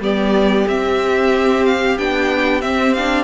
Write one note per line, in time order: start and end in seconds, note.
0.00 0.65 G3
0.00 0.67 B3
0.00 3.24 G4
0.00 0.68 D5
0.67 1.97 C4
0.67 1.98 C4
0.67 1.65 E5
1.65 1.98 F5
1.98 2.63 B3
1.98 2.61 D4
1.98 2.61 G5
2.61 2.94 C4
2.61 3.24 C4
2.61 2.94 E5
2.94 3.24 D4
2.94 3.24 F5